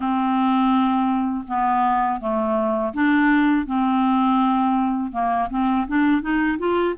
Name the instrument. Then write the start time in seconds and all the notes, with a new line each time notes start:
clarinet
0.00 C4
1.47 B3
2.20 A3
2.93 D4
3.66 C4
5.12 A#3
5.50 C4
5.87 D4
6.21 D#4
6.58 F4